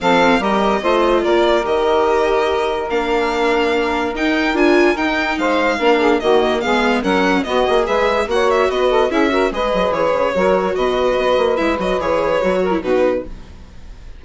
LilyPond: <<
  \new Staff \with { instrumentName = "violin" } { \time 4/4 \tempo 4 = 145 f''4 dis''2 d''4 | dis''2. f''4~ | f''2 g''4 gis''4 | g''4 f''2 dis''4 |
f''4 fis''4 dis''4 e''4 | fis''8 e''8 dis''4 e''4 dis''4 | cis''2 dis''2 | e''8 dis''8 cis''2 b'4 | }
  \new Staff \with { instrumentName = "saxophone" } { \time 4/4 a'4 ais'4 c''4 ais'4~ | ais'1~ | ais'1~ | ais'4 c''4 ais'8 gis'8 fis'4 |
gis'4 ais'4 fis'4 b'4 | cis''4 b'8 a'8 gis'8 ais'8 b'4~ | b'4 ais'4 b'2~ | b'2~ b'8 ais'8 fis'4 | }
  \new Staff \with { instrumentName = "viola" } { \time 4/4 c'4 g'4 f'2 | g'2. d'4~ | d'2 dis'4 f'4 | dis'2 d'4 ais4 |
b4 cis'4 b8 gis'4. | fis'2 e'8 fis'8 gis'4~ | gis'4 fis'2. | e'8 fis'8 gis'4 fis'8. e'16 dis'4 | }
  \new Staff \with { instrumentName = "bassoon" } { \time 4/4 f4 g4 a4 ais4 | dis2. ais4~ | ais2 dis'4 d'4 | dis'4 gis4 ais4 dis4 |
gis4 fis4 b8 ais8 gis4 | ais4 b4 cis'4 gis8 fis8 | e8 cis8 fis4 b,4 b8 ais8 | gis8 fis8 e4 fis4 b,4 | }
>>